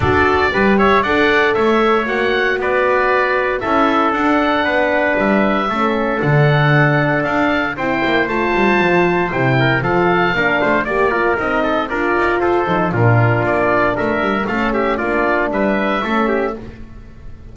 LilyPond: <<
  \new Staff \with { instrumentName = "oboe" } { \time 4/4 \tempo 4 = 116 d''4. e''8 fis''4 e''4 | fis''4 d''2 e''4 | fis''2 e''2 | fis''2 f''4 g''4 |
a''2 g''4 f''4~ | f''4 d''4 dis''4 d''4 | c''4 ais'4 d''4 e''4 | f''8 e''8 d''4 e''2 | }
  \new Staff \with { instrumentName = "trumpet" } { \time 4/4 a'4 b'8 cis''8 d''4 cis''4~ | cis''4 b'2 a'4~ | a'4 b'2 a'4~ | a'2. c''4~ |
c''2~ c''8 ais'8 a'4 | ais'8 c''8 d''8 ais'4 a'8 ais'4 | a'4 f'2 ais'4 | a'8 g'8 f'4 b'4 a'8 g'8 | }
  \new Staff \with { instrumentName = "horn" } { \time 4/4 fis'4 g'4 a'2 | fis'2. e'4 | d'2. cis'4 | d'2. e'4 |
f'2 e'4 f'4 | d'4 g'8 f'8 dis'4 f'4~ | f'8 dis'8 d'2. | cis'4 d'2 cis'4 | }
  \new Staff \with { instrumentName = "double bass" } { \time 4/4 d'4 g4 d'4 a4 | ais4 b2 cis'4 | d'4 b4 g4 a4 | d2 d'4 c'8 ais8 |
a8 g8 f4 c4 f4 | ais8 a8 ais4 c'4 d'8 dis'8 | f'8 f8 ais,4 ais4 a8 g8 | a4 ais4 g4 a4 | }
>>